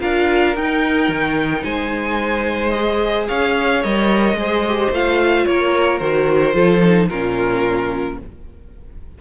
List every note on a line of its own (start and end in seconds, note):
0.00 0.56 D4
0.00 0.55 F4
0.00 1.64 A#4
0.00 0.56 F5
0.56 1.09 D#4
0.56 2.75 D#4
0.56 1.64 G5
1.09 1.63 D#3
1.64 3.29 G#3
1.64 3.27 C5
1.64 2.70 G#5
2.70 3.84 G#4
2.70 3.25 D#5
3.27 3.85 C#4
3.27 4.36 C#5
3.27 3.83 F5
3.83 4.33 G3
3.83 4.38 A#4
3.83 4.92 D#5
4.33 4.88 G#3
4.33 4.66 G#4
4.33 5.47 C5
4.68 4.94 G4
4.91 5.45 A3
4.91 6.01 F4
4.91 5.46 F5
5.46 6.01 A#3
5.46 6.55 A#4
5.46 5.98 C#5
5.98 6.54 D#3
5.98 6.53 F#4
5.98 7.07 C5
6.53 7.09 F3
6.53 6.80 F4
6.53 7.09 A4
6.84 7.11 D#4
7.09 8.20 A#2
7.09 8.21 C#4
7.09 8.19 F4
7.09 8.18 A#4